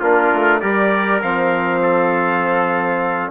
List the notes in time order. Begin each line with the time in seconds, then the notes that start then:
0.00 A#3 D4 F4 A#4
0.33 A3
0.60 G3 G4 A#4 D5
1.23 F3 C4 F5
1.83 A4